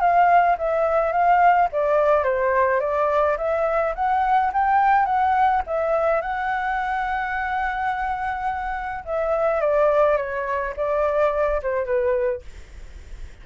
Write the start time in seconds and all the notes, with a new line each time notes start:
0.00 F5
0.57 E5
1.12 F5
1.72 D5
2.24 C5
2.80 D5
3.37 E5
3.95 F#5
4.53 G5
5.05 F#5
5.67 E5
6.21 F#5
9.05 E5
9.60 D5
10.17 C#5
10.76 D5
11.62 C5
11.85 B4